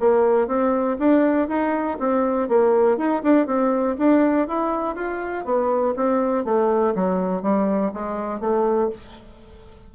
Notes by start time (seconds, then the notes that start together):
0.00 A#3
0.47 C4
0.99 D4
1.49 D#4
1.99 C4
2.49 A#3
2.98 D#4
3.23 D4
3.47 C4
3.98 D4
4.48 E4
4.96 F4
5.45 B3
5.96 C4
6.45 A3
6.95 F#3
7.42 G3
7.93 G#3
8.40 A3